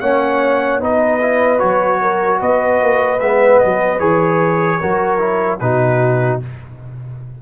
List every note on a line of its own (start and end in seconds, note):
0.00 0.81 A#3
0.00 0.81 C#4
0.00 0.81 C#5
0.00 0.80 F#5
0.81 1.61 B3
0.81 1.20 D#4
0.81 2.01 B4
0.81 1.59 D#5
1.20 1.59 E4
1.59 2.41 F#3
1.59 3.19 F#4
1.59 2.39 C#5
2.02 2.40 A#4
2.40 2.81 B3
2.40 4.80 B4
2.40 3.20 D#5
2.81 3.21 A#3
3.20 3.61 G#3
3.20 3.99 B3
3.20 3.59 E5
3.59 4.00 F#3
3.59 3.99 D#5
3.99 4.79 E3
3.99 4.79 G#4
3.99 5.59 C#5
4.80 5.61 F#3
4.80 5.19 F#4
4.80 5.60 A#4
5.19 5.58 E4
5.59 6.41 B2
5.59 6.42 D#4
5.59 6.42 F#4
5.59 6.39 B4